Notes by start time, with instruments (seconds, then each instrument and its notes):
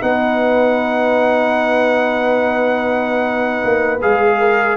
0.00 tuba B3, trombone D#4, horn B4, trumpet F#5
3.64 tuba A#3
4.01 tuba G#3, trombone G#4, trumpet F5
4.38 horn A#4